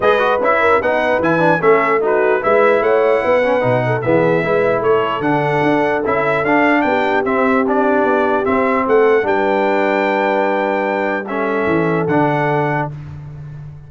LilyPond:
<<
  \new Staff \with { instrumentName = "trumpet" } { \time 4/4 \tempo 4 = 149 dis''4 e''4 fis''4 gis''4 | e''4 b'4 e''4 fis''4~ | fis''2 e''2 | cis''4 fis''2 e''4 |
f''4 g''4 e''4 d''4~ | d''4 e''4 fis''4 g''4~ | g''1 | e''2 fis''2 | }
  \new Staff \with { instrumentName = "horn" } { \time 4/4 b'4. ais'8 b'2 | a'4 fis'4 b'4 cis''4 | b'4. a'8 gis'4 b'4 | a'1~ |
a'4 g'2.~ | g'2 a'4 b'4~ | b'1 | a'1 | }
  \new Staff \with { instrumentName = "trombone" } { \time 4/4 gis'8 fis'8 e'4 dis'4 e'8 d'8 | cis'4 dis'4 e'2~ | e'8 cis'8 dis'4 b4 e'4~ | e'4 d'2 e'4 |
d'2 c'4 d'4~ | d'4 c'2 d'4~ | d'1 | cis'2 d'2 | }
  \new Staff \with { instrumentName = "tuba" } { \time 4/4 gis4 cis'4 b4 e4 | a2 gis4 a4 | b4 b,4 e4 gis4 | a4 d4 d'4 cis'4 |
d'4 b4 c'2 | b4 c'4 a4 g4~ | g1~ | g4 e4 d2 | }
>>